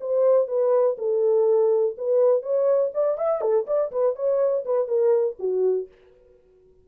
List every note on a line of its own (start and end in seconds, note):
0.00 0.47 C5
0.47 0.96 B4
0.98 1.95 A4
1.98 2.42 B4
2.42 2.91 C#5
2.94 3.17 D5
3.17 3.41 E5
3.41 3.65 A4
3.67 3.91 D5
3.92 4.16 B4
4.16 4.64 C#5
4.65 4.87 B4
4.87 5.36 A#4
5.39 5.88 F#4